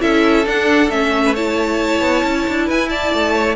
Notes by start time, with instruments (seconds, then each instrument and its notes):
0.00 cello C#4, viola E4, violin A4 E5
0.46 viola D4, cello D4, violin F#5
0.89 cello A3, viola C#4, violin E5
1.25 violin B4
1.34 viola E4, violin C#5 A5
2.00 cello B3
2.24 cello C#4
2.48 cello D4
2.66 cello E4, violin B4 G#5
2.89 violin D5 A5
3.13 cello A3
3.33 violin C#5